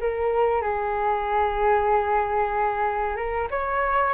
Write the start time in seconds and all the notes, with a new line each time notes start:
0.00 A#4
0.62 G#4
3.16 A#4
3.50 C#5